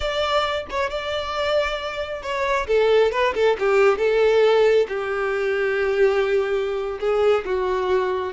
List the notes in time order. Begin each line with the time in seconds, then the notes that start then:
0.00 D5
0.70 C#5
0.89 D5
2.22 C#5
2.67 A4
3.11 B4
3.34 A4
3.59 G4
3.97 A4
4.88 G4
7.00 G#4
7.45 F#4